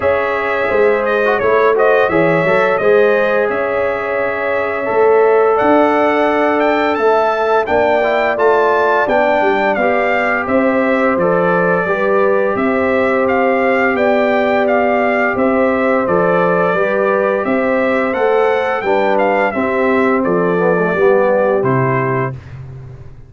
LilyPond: <<
  \new Staff \with { instrumentName = "trumpet" } { \time 4/4 \tempo 4 = 86 e''4. dis''8 cis''8 dis''8 e''4 | dis''4 e''2. | fis''4. g''8 a''4 g''4 | a''4 g''4 f''4 e''4 |
d''2 e''4 f''4 | g''4 f''4 e''4 d''4~ | d''4 e''4 fis''4 g''8 f''8 | e''4 d''2 c''4 | }
  \new Staff \with { instrumentName = "horn" } { \time 4/4 cis''4 c''4 cis''8 c''8 cis''4 | c''4 cis''2. | d''2 e''4 d''4~ | d''2. c''4~ |
c''4 b'4 c''2 | d''2 c''2 | b'4 c''2 b'4 | g'4 a'4 g'2 | }
  \new Staff \with { instrumentName = "trombone" } { \time 4/4 gis'4.~ gis'16 fis'16 e'8 fis'8 gis'8 a'8 | gis'2. a'4~ | a'2. d'8 e'8 | f'4 d'4 g'2 |
a'4 g'2.~ | g'2. a'4 | g'2 a'4 d'4 | c'4. b16 a16 b4 e'4 | }
  \new Staff \with { instrumentName = "tuba" } { \time 4/4 cis'4 gis4 a4 e8 fis8 | gis4 cis'2 a4 | d'2 a4 ais4 | a4 b8 g8 b4 c'4 |
f4 g4 c'2 | b2 c'4 f4 | g4 c'4 a4 g4 | c'4 f4 g4 c4 | }
>>